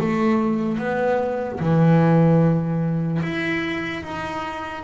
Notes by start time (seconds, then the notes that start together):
0.00 A3
0.78 B3
1.60 E3
3.22 E4
4.03 D#4